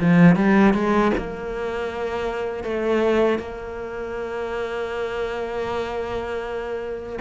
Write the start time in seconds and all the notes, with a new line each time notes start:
0.00 F3
0.36 G3
0.74 G#3
1.18 A#3
2.64 A3
3.39 A#3